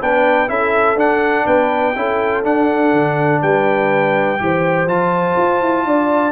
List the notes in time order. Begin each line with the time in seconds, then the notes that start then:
0.00 B3 D4 B4 G5
0.47 C#4 E4 A4 E5
0.95 D4 F#5
1.45 B3 B4 G5
1.95 C#4 E4 A4
2.43 D4 F#5
2.92 D3
3.41 G3 B4 G5
4.38 E3 G4 C5
4.86 F3 F4 A5
5.37 F4
5.60 E4
5.85 D4 D5